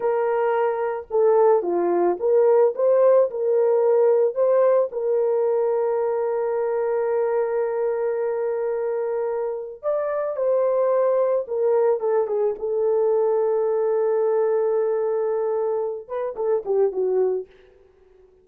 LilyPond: \new Staff \with { instrumentName = "horn" } { \time 4/4 \tempo 4 = 110 ais'2 a'4 f'4 | ais'4 c''4 ais'2 | c''4 ais'2.~ | ais'1~ |
ais'2 d''4 c''4~ | c''4 ais'4 a'8 gis'8 a'4~ | a'1~ | a'4. b'8 a'8 g'8 fis'4 | }